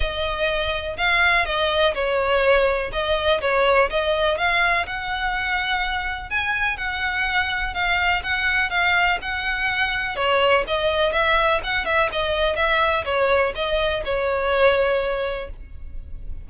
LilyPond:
\new Staff \with { instrumentName = "violin" } { \time 4/4 \tempo 4 = 124 dis''2 f''4 dis''4 | cis''2 dis''4 cis''4 | dis''4 f''4 fis''2~ | fis''4 gis''4 fis''2 |
f''4 fis''4 f''4 fis''4~ | fis''4 cis''4 dis''4 e''4 | fis''8 e''8 dis''4 e''4 cis''4 | dis''4 cis''2. | }